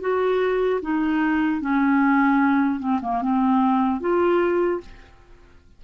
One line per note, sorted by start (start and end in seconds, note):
0.00 0.80 F#4
0.81 1.61 D#4
1.61 2.80 C#4
2.80 3.00 C4
3.01 3.21 A#3
3.21 4.00 C4
4.00 4.80 F4